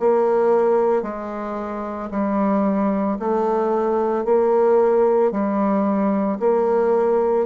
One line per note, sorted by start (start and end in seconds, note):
0.00 1.03 A#3
1.03 2.10 G#3
2.11 3.19 G3
3.19 4.25 A3
4.25 5.32 A#3
5.32 6.39 G3
6.40 7.46 A#3